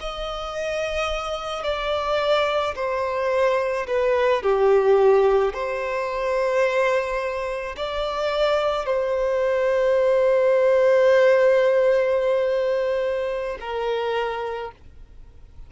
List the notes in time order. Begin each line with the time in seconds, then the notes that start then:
0.00 D#5
1.63 D5
2.75 C5
3.87 B4
4.42 G4
5.54 C5
7.76 D5
8.85 C5
13.60 A#4